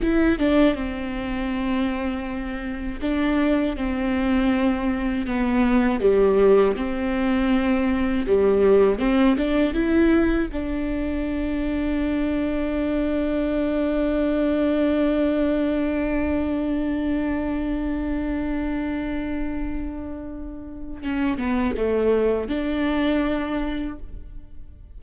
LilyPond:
\new Staff \with { instrumentName = "viola" } { \time 4/4 \tempo 4 = 80 e'8 d'8 c'2. | d'4 c'2 b4 | g4 c'2 g4 | c'8 d'8 e'4 d'2~ |
d'1~ | d'1~ | d'1 | cis'8 b8 a4 d'2 | }